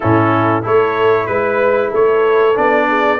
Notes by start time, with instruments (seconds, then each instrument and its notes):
0.00 tuba A2, trombone C#4, horn E4, trumpet A4
0.62 tuba A3, trombone E4, horn A4, trumpet C#5
1.26 tuba G#3, trumpet B4, horn B4
1.90 tuba A3, horn A4, trumpet C#5
2.55 tuba B3, trombone D4, trumpet D5
2.88 horn G#4